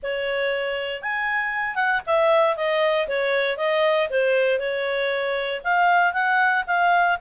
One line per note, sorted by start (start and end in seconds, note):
0.02 1.02 C#5
1.02 1.75 G#5
1.75 2.01 F#5
2.06 2.56 E5
2.56 3.07 D#5
3.07 3.57 C#5
3.57 4.08 D#5
4.10 4.59 C5
4.59 5.61 C#5
5.64 6.13 F5
6.13 6.64 F#5
6.67 7.18 F5